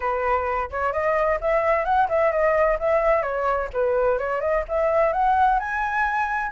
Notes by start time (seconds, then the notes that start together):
0.00 B4
0.70 C#5
0.92 D#5
1.40 E5
1.84 F#5
2.08 E5
2.31 D#5
2.79 E5
3.22 C#5
3.73 B4
4.18 C#5
4.41 D#5
4.68 E5
5.12 F#5
5.59 G#5